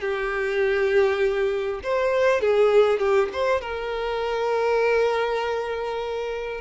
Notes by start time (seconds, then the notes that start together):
0.00 G4
1.83 C5
2.41 G#4
2.99 G4
3.32 C5
3.61 A#4